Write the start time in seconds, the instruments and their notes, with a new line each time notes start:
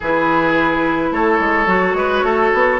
0.00 bassoon E3, clarinet E4, oboe G#4, flute B4
1.11 bassoon A3, oboe A4, flute C#5
1.39 bassoon G#3
1.66 bassoon F#3, clarinet F#4
1.93 bassoon G#3, oboe B4
2.22 bassoon A3, oboe A4
2.53 bassoon B3